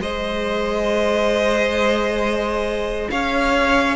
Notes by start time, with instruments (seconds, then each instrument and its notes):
0.00 cello G#3, viola G#4, violin C5 D#5
3.10 cello C#4, violin C#5 F5